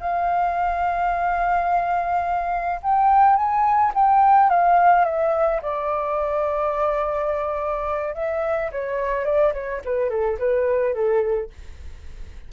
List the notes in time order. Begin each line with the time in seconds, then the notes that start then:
0.00 F5
2.83 G5
3.36 G#5
3.94 G5
4.50 F5
5.05 E5
5.62 D5
8.15 E5
8.72 C#5
9.25 D5
9.53 C#5
9.85 B4
10.10 A4
10.39 B4
10.94 A4